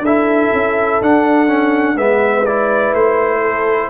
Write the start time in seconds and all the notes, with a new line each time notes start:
0.00 D4 A4 E5
0.06 E4
0.53 C#4
1.02 D4 F#5
1.48 C#4
1.97 G#3 B3 B4 E5
2.46 E4 D5
2.93 A3 C5
3.41 A4